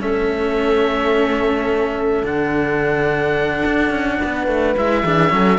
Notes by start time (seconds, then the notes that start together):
0.00 A3 C#4 A4 E5
2.24 D3 D4 F#5
3.66 D4
3.90 C#4
4.21 B3 B4
4.48 A3
4.76 G#3 E4 E5
5.04 E3 D4 G#4
5.30 F#3 C#4 A4